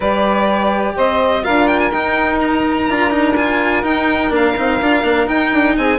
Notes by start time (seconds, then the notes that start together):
0.00 G3 G4 B4 D5
0.95 C4 C5 D#5
1.43 D4 F4 A#4 F5
1.67 G5
1.79 G#5
1.91 D#4 G5
2.40 A#5
2.88 D4 F4
3.10 D#4
3.36 F4 G#5
3.82 D#4 G5
4.30 A#3 D4 F5
4.57 C4 D#4
4.80 D4 F4
5.03 A#3 D4
5.26 D#4 G5
5.52 D4
5.77 C4 G#4 G#5